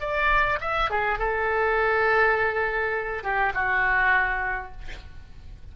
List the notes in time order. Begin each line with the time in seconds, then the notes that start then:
0.00 D5
0.60 E5
0.90 G#4
1.18 A4
3.23 G4
3.54 F#4